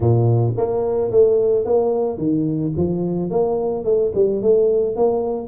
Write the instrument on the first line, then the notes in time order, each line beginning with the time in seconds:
tuba
0.00 A#2
0.57 A#3
1.10 A3
1.65 A#3
2.17 D#3
2.76 F3
3.30 A#3
3.84 A3
4.15 G3
4.42 A3
4.96 A#3